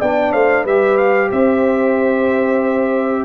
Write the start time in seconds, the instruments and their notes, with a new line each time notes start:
0.00 tuba B3, trombone D4, horn D5, trumpet G5
0.32 tuba A3, horn C5, trumpet F5
0.64 tuba G3, trombone G4, horn B4, trumpet E5
0.97 trumpet F5
1.32 tuba C4, horn C5, trumpet E5